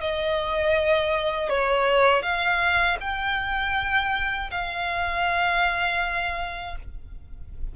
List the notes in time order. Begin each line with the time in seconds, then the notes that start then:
0.00 D#5
1.49 C#5
2.22 F5
3.00 G5
4.51 F5